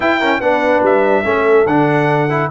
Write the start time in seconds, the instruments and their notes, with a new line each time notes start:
0.00 trombone E4, tuba E4, horn B4, trumpet G5
0.19 trombone C#4, horn A#4
0.39 tuba B3, trombone D4, horn B4, trumpet F#5
0.82 tuba G3, trumpet E5
1.24 tuba A3, trombone C#4, horn A4
1.65 tuba D3, trombone D4, trumpet F#5
2.29 trombone E4